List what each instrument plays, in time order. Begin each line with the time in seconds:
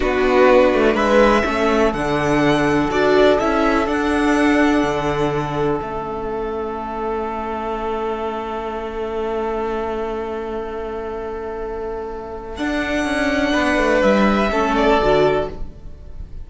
0.00 cello B3, viola D4, violin F#4 B4
0.74 cello A3
0.94 cello G#3, violin B4 E5
1.44 cello A3, viola C#4, violin A4
1.93 cello D3, viola D4, violin F#5
2.90 cello D4, viola F#4, violin D5
3.39 cello C#4, viola E4, violin E5
3.86 viola D4, cello D4, violin F#5
4.83 cello D3
5.79 cello A3, viola C#4, violin E5
12.57 viola D4, cello D4, violin F#5
13.04 cello C#4
13.52 cello B3, violin B4
13.77 cello A3
14.02 cello G3, violin E5
14.51 cello A3, viola C#4, violin A4
14.76 violin D5
15.00 cello D3, viola F#4